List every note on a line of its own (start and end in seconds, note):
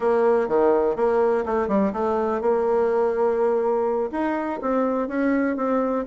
0.00 0.48 A#3
0.48 0.95 D#3
0.95 1.44 A#3
1.45 1.68 A3
1.68 1.92 G3
1.92 2.41 A3
2.41 4.10 A#3
4.11 4.60 D#4
4.61 5.08 C4
5.08 5.56 C#4
5.56 6.04 C4